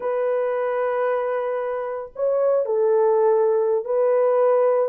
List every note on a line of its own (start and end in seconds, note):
0.00 2.11 B4
2.15 2.65 C#5
2.65 3.84 A4
3.84 4.89 B4